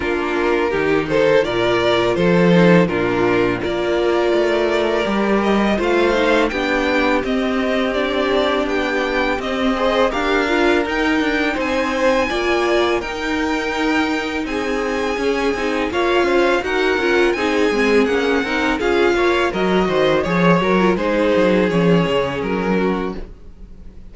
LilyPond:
<<
  \new Staff \with { instrumentName = "violin" } { \time 4/4 \tempo 4 = 83 ais'4. c''8 d''4 c''4 | ais'4 d''2~ d''8 dis''8 | f''4 g''4 dis''4 d''4 | g''4 dis''4 f''4 g''4 |
gis''2 g''2 | gis''2 f''4 fis''4 | gis''4 fis''4 f''4 dis''4 | cis''8 ais'8 c''4 cis''4 ais'4 | }
  \new Staff \with { instrumentName = "violin" } { \time 4/4 f'4 g'8 a'8 ais'4 a'4 | f'4 ais'2. | c''4 g'2.~ | g'4. c''8 ais'2 |
c''4 d''4 ais'2 | gis'2 cis''8 c''8 ais'4 | gis'4. ais'8 gis'8 cis''8 ais'8 c''8 | cis''4 gis'2~ gis'8 fis'8 | }
  \new Staff \with { instrumentName = "viola" } { \time 4/4 d'4 dis'4 f'4. dis'8 | d'4 f'2 g'4 | f'8 dis'8 d'4 c'4 d'4~ | d'4 c'8 gis'8 g'8 f'8 dis'4~ |
dis'4 f'4 dis'2~ | dis'4 cis'8 dis'8 f'4 fis'8 f'8 | dis'8 c'8 cis'8 dis'8 f'4 fis'4 | gis'8 fis'16 f'16 dis'4 cis'2 | }
  \new Staff \with { instrumentName = "cello" } { \time 4/4 ais4 dis4 ais,4 f4 | ais,4 ais4 a4 g4 | a4 b4 c'2 | b4 c'4 d'4 dis'8 d'8 |
c'4 ais4 dis'2 | c'4 cis'8 c'8 ais8 cis'8 dis'8 cis'8 | c'8 gis8 ais8 c'8 cis'8 ais8 fis8 dis8 | f8 fis8 gis8 fis8 f8 cis8 fis4 | }
>>